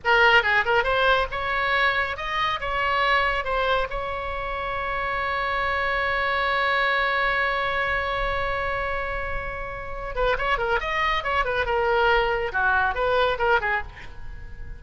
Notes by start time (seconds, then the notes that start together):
0.04 A#4
0.42 G#4
0.65 A#4
0.83 C5
1.31 C#5
2.16 D#5
2.60 C#5
3.44 C5
3.90 C#5
10.15 B4
10.38 C#5
10.58 A#4
10.80 D#5
11.23 C#5
11.45 B4
11.65 A#4
12.52 F#4
12.95 B4
13.38 A#4
13.60 G#4